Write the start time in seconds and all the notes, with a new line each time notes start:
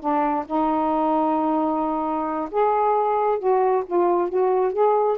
0.00 D4
0.47 D#4
2.51 G#4
3.39 F#4
3.87 F4
4.30 F#4
4.73 G#4